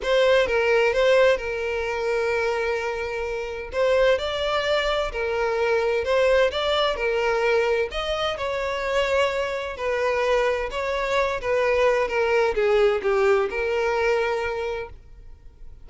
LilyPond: \new Staff \with { instrumentName = "violin" } { \time 4/4 \tempo 4 = 129 c''4 ais'4 c''4 ais'4~ | ais'1 | c''4 d''2 ais'4~ | ais'4 c''4 d''4 ais'4~ |
ais'4 dis''4 cis''2~ | cis''4 b'2 cis''4~ | cis''8 b'4. ais'4 gis'4 | g'4 ais'2. | }